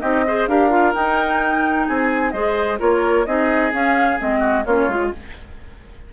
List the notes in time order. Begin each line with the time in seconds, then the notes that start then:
0.00 C4 D#4 G4 D#5
0.27 G#4 C5
0.47 D4 G4 A#4 F5
0.70 F4
0.93 D#4 G5
1.88 C4 G#4 G#5
2.31 G#3 G#4 C5 D#5
2.79 A#3 F4 A#4 C#5
3.25 C4 D#4 G#4 D#5
3.72 C#4 F5
4.19 G#3 C4 D#5
4.39 F#4
4.65 A#3 C#4 F4 C#5
4.88 G#3 F4